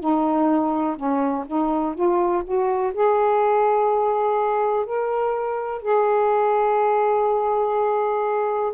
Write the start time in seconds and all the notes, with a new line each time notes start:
0.00 D#4
0.96 C#4
1.47 D#4
1.94 F4
2.44 F#4
2.93 G#4
4.85 A#4
5.82 G#4